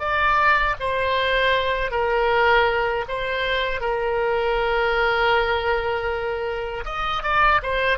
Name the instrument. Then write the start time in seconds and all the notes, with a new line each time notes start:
oboe
0.00 D5
0.80 C5
1.92 A#4
3.09 C5
3.81 A#4
6.86 D#5
7.24 D5
7.63 C5